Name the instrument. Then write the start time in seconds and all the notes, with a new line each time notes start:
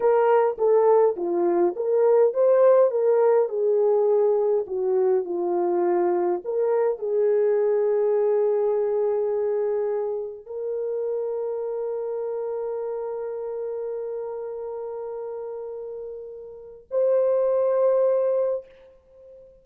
horn
0.00 A#4
0.57 A4
1.16 F4
1.76 A#4
2.33 C5
2.90 A#4
3.48 G#4
4.66 F#4
5.25 F4
6.44 A#4
6.98 G#4
10.46 A#4
16.90 C5